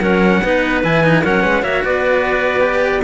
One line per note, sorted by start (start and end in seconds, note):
0.00 0.41 F#3
0.00 0.43 C#4
0.00 0.41 A#4
0.00 0.81 F#5
0.43 0.84 B3
0.43 0.84 D#4
0.43 1.23 B4
0.83 1.24 E3
0.83 1.04 E4
0.83 1.24 G#5
1.04 1.24 D#4
1.23 1.44 F#3
1.23 1.62 C#4
1.23 1.42 A#4
1.23 1.64 F#5
1.42 1.62 G#3
1.42 1.63 B4
1.62 1.83 A#3
1.62 2.61 F#4
1.62 1.83 C#5
1.62 1.84 E5
1.84 3.04 B3
1.84 3.04 B4
1.84 3.04 D5
2.61 3.01 G4